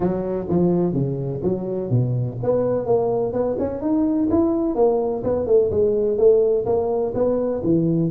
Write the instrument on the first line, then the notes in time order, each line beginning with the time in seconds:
tuba
0.00 F#3
0.48 F3
0.93 C#3
1.42 F#3
1.90 B2
2.42 B3
2.85 A#3
3.32 B3
3.58 C#4
3.81 D#4
4.30 E4
4.75 A#3
5.23 B3
5.46 A3
5.71 G#3
6.17 A3
6.65 A#3
7.14 B3
7.63 E3